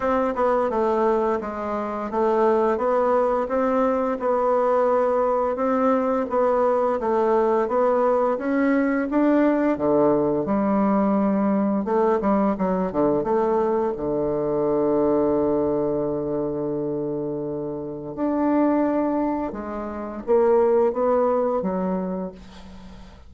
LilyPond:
\new Staff \with { instrumentName = "bassoon" } { \time 4/4 \tempo 4 = 86 c'8 b8 a4 gis4 a4 | b4 c'4 b2 | c'4 b4 a4 b4 | cis'4 d'4 d4 g4~ |
g4 a8 g8 fis8 d8 a4 | d1~ | d2 d'2 | gis4 ais4 b4 fis4 | }